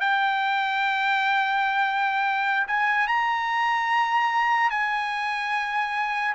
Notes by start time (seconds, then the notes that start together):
0.00 G5
2.67 G#5
3.07 A#5
4.70 G#5